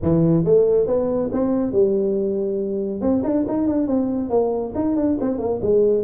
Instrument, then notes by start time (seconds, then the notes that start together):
tuba
0.02 E3
0.44 A3
0.86 B3
1.32 C4
1.71 G3
3.01 C4
3.23 D4
3.47 D#4
3.67 D4
3.87 C4
4.29 A#3
4.75 D#4
4.96 D4
5.21 C4
5.38 A#3
5.62 G#3